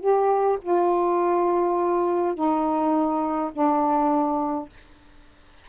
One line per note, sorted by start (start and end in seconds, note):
0.00 0.58 G4
0.62 2.35 F4
2.35 3.51 D#4
3.53 4.69 D4